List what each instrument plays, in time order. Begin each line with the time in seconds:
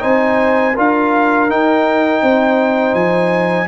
0.00 tuba C4, trombone D#4, horn C5, trumpet G#5
0.74 tuba D4, trombone F4, horn A#4, trumpet F5
1.48 trombone D#4, tuba D#4, trumpet G5
2.22 tuba C4, horn C5
2.93 tuba F3, trumpet G#5